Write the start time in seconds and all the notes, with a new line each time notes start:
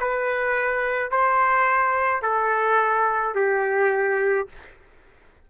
0.00 B4
1.11 C5
2.22 A4
3.34 G4